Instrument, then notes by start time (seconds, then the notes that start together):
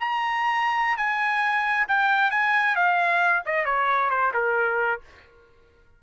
trumpet
0.00 A#5
0.97 G#5
1.88 G5
2.31 G#5
2.76 F5
3.46 D#5
3.65 C#5
4.10 C5
4.33 A#4